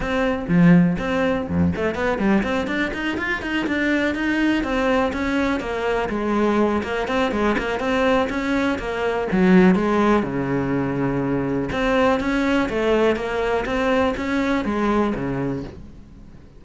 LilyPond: \new Staff \with { instrumentName = "cello" } { \time 4/4 \tempo 4 = 123 c'4 f4 c'4 f,8 a8 | b8 g8 c'8 d'8 dis'8 f'8 dis'8 d'8~ | d'8 dis'4 c'4 cis'4 ais8~ | ais8 gis4. ais8 c'8 gis8 ais8 |
c'4 cis'4 ais4 fis4 | gis4 cis2. | c'4 cis'4 a4 ais4 | c'4 cis'4 gis4 cis4 | }